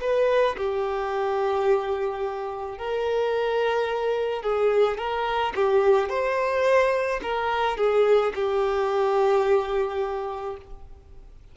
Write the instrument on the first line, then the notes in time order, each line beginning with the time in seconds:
violin
0.00 B4
0.57 G4
2.78 A#4
4.42 G#4
4.97 A#4
5.55 G4
6.09 C5
7.22 A#4
7.77 G#4
8.34 G4